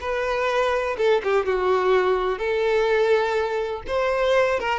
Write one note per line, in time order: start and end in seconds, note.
0.00 0.96 B4
0.97 1.21 A4
1.23 1.45 G4
1.45 2.38 F#4
2.38 3.82 A4
3.87 4.59 C5
4.59 4.79 A#4